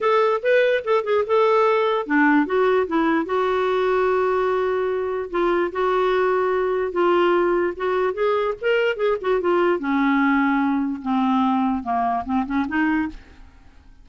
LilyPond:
\new Staff \with { instrumentName = "clarinet" } { \time 4/4 \tempo 4 = 147 a'4 b'4 a'8 gis'8 a'4~ | a'4 d'4 fis'4 e'4 | fis'1~ | fis'4 f'4 fis'2~ |
fis'4 f'2 fis'4 | gis'4 ais'4 gis'8 fis'8 f'4 | cis'2. c'4~ | c'4 ais4 c'8 cis'8 dis'4 | }